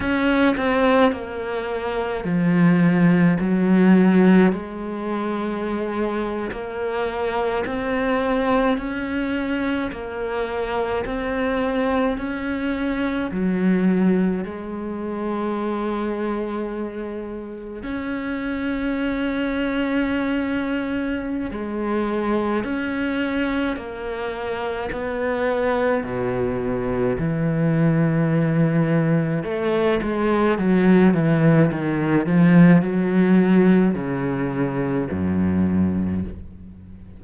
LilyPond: \new Staff \with { instrumentName = "cello" } { \time 4/4 \tempo 4 = 53 cis'8 c'8 ais4 f4 fis4 | gis4.~ gis16 ais4 c'4 cis'16~ | cis'8. ais4 c'4 cis'4 fis16~ | fis8. gis2. cis'16~ |
cis'2. gis4 | cis'4 ais4 b4 b,4 | e2 a8 gis8 fis8 e8 | dis8 f8 fis4 cis4 fis,4 | }